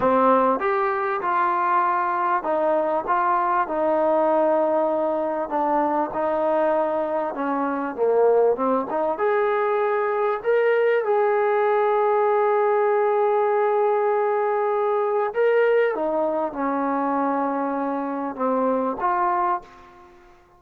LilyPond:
\new Staff \with { instrumentName = "trombone" } { \time 4/4 \tempo 4 = 98 c'4 g'4 f'2 | dis'4 f'4 dis'2~ | dis'4 d'4 dis'2 | cis'4 ais4 c'8 dis'8 gis'4~ |
gis'4 ais'4 gis'2~ | gis'1~ | gis'4 ais'4 dis'4 cis'4~ | cis'2 c'4 f'4 | }